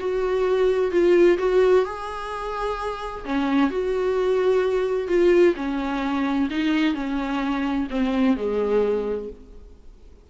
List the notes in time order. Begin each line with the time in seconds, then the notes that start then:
0.00 F#4
0.92 F4
1.39 F#4
1.85 G#4
3.26 C#4
3.71 F#4
5.08 F4
5.56 C#4
6.51 D#4
6.95 C#4
7.91 C4
8.37 G#3